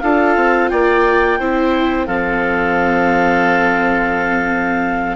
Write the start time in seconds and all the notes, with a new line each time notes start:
0.00 D4 F4 A4 F5
0.36 C4
0.69 A#3 D5 G5
1.40 C4 E4 C5
2.07 F3 C4 A4 F5